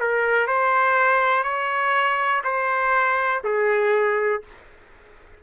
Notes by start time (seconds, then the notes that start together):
0.00 A#4
0.47 C5
1.44 C#5
2.44 C5
3.44 G#4